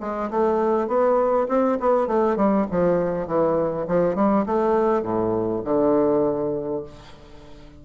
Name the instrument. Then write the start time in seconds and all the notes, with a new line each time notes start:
bassoon
0.00 G#3
0.30 A3
0.87 B3
1.48 C4
1.80 B3
2.07 A3
2.36 G3
2.71 F3
3.27 E3
3.87 F3
4.15 G3
4.46 A3
5.02 A2
5.64 D3